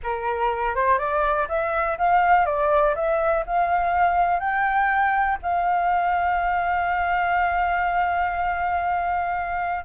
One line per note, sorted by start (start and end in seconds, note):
0.03 0.75 A#4
0.75 0.98 C5
0.98 1.47 D5
1.48 1.97 E5
1.98 2.45 F5
2.45 2.94 D5
2.95 3.44 E5
3.46 4.39 F5
4.39 5.37 G5
5.42 9.84 F5